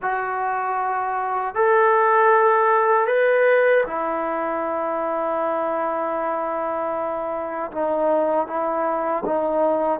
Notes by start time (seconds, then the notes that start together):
0.02 F#4
1.55 A4
3.07 B4
3.86 E4
7.71 D#4
8.47 E4
9.25 D#4